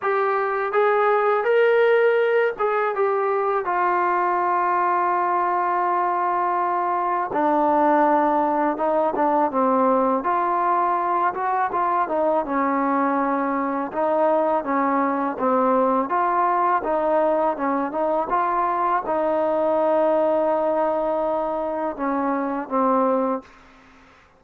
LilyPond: \new Staff \with { instrumentName = "trombone" } { \time 4/4 \tempo 4 = 82 g'4 gis'4 ais'4. gis'8 | g'4 f'2.~ | f'2 d'2 | dis'8 d'8 c'4 f'4. fis'8 |
f'8 dis'8 cis'2 dis'4 | cis'4 c'4 f'4 dis'4 | cis'8 dis'8 f'4 dis'2~ | dis'2 cis'4 c'4 | }